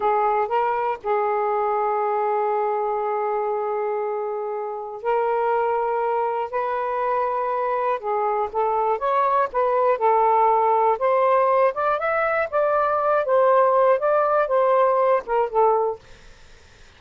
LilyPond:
\new Staff \with { instrumentName = "saxophone" } { \time 4/4 \tempo 4 = 120 gis'4 ais'4 gis'2~ | gis'1~ | gis'2 ais'2~ | ais'4 b'2. |
gis'4 a'4 cis''4 b'4 | a'2 c''4. d''8 | e''4 d''4. c''4. | d''4 c''4. ais'8 a'4 | }